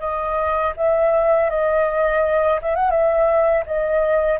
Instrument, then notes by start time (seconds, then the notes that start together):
flute
0.00 D#5
0.77 E5
1.50 D#5
2.62 E5
2.76 F#5
2.91 E5
3.66 D#5